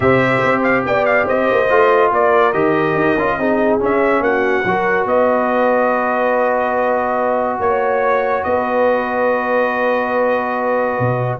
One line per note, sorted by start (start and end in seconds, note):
0.00 0.42 C3
0.00 1.66 G4
0.00 0.86 C5
0.00 0.62 E5
0.44 0.85 C4
0.62 0.83 F5
0.85 1.27 B3
0.85 1.25 D5
0.85 1.05 G5
1.05 1.26 F5
1.25 1.50 C4
1.25 2.10 C5
1.25 2.12 D#5
1.51 1.70 A#3
1.69 2.11 A3
1.69 2.53 F4
2.10 2.53 A#3
2.10 3.37 A#4
2.10 2.52 D5
2.52 2.94 D#3
2.52 3.16 G4
2.52 3.79 D#5
2.94 3.15 D#4
3.16 3.37 C#4
3.16 3.39 F4
3.37 3.80 C4
3.37 3.79 D#4
3.37 4.23 G#4
3.79 4.64 C#4
3.79 4.20 C#4
3.79 4.23 E5
4.20 4.62 A#3
4.20 4.66 F#4
4.20 5.07 F#5
4.64 5.05 F#3
4.64 11.40 F#4
4.64 5.07 A#4
5.05 7.58 B3
5.05 7.61 B4
5.05 7.60 D#5
7.59 8.43 A#3
7.59 8.43 C#5
7.59 8.46 C#5
8.43 10.99 B3
8.43 11.40 B4
8.43 11.39 D#5
10.99 11.40 B2